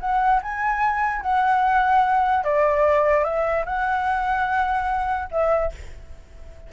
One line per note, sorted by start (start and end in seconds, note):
0.00 0.41 F#5
0.42 1.22 G#5
1.22 2.44 F#5
2.44 3.24 D5
3.24 3.65 E5
3.66 5.29 F#5
5.31 5.72 E5